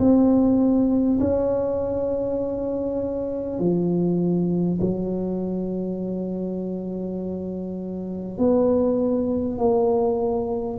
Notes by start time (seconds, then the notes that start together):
0.00 C4
1.21 C#4
3.60 F3
4.81 F#3
8.38 B3
9.58 A#3